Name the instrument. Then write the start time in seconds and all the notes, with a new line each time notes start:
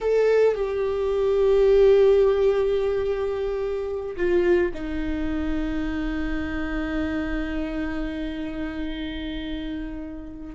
viola
0.00 A4
0.54 G4
4.16 F4
4.74 D#4